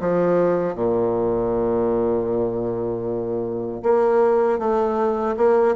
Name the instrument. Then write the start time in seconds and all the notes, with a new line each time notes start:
bassoon
0.00 F3
0.75 A#2
3.83 A#3
4.59 A3
5.37 A#3